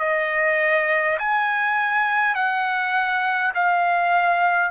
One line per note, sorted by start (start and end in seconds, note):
0.00 1.18 D#5
1.19 2.36 G#5
2.36 3.53 F#5
3.55 4.72 F5